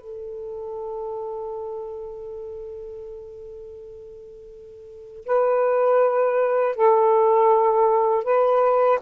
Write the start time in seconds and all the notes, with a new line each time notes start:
0.00 A4
5.26 B4
6.76 A4
8.24 B4